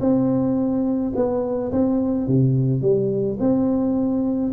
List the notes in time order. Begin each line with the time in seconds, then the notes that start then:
0.00 C4
1.15 B3
1.72 C4
2.27 C3
2.81 G3
3.40 C4